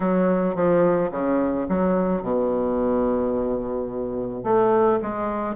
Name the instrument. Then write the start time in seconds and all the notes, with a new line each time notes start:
bassoon
0.00 F#3
0.55 F3
1.11 C#3
1.68 F#3
2.22 B2
4.43 A3
5.02 G#3